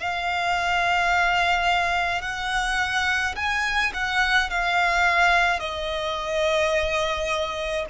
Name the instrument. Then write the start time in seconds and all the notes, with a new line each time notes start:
violin
0.00 F5
2.22 F#5
3.36 G#5
3.94 F#5
4.50 F5
5.60 D#5